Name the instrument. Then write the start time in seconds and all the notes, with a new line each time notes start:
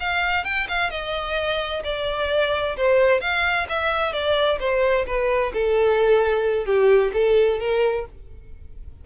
violin
0.00 F5
0.44 G5
0.68 F5
0.90 D#5
1.84 D5
2.77 C5
3.21 F5
3.69 E5
4.13 D5
4.60 C5
5.06 B4
5.54 A4
6.66 G4
7.13 A4
7.59 A#4